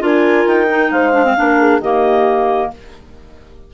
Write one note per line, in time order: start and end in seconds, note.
0.00 0.46 D4
0.00 0.67 F4
0.00 0.92 A#4
0.06 0.48 G#5
0.46 0.91 D#4
0.46 0.91 G5
0.70 1.13 D#4
0.91 1.36 G#3
0.91 1.37 C5
0.91 1.81 F5
1.13 1.24 D4
1.25 1.36 C4
1.37 1.81 A#3
1.37 1.82 D4
1.37 1.60 A#4
1.60 1.81 G#4
1.81 2.70 D#3
1.81 2.74 A#3
1.81 2.71 G4
1.81 2.71 D#5